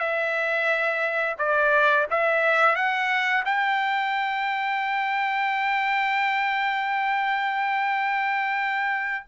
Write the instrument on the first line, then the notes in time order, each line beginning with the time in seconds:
trumpet
0.00 E5
1.39 D5
2.10 E5
2.76 F#5
3.46 G5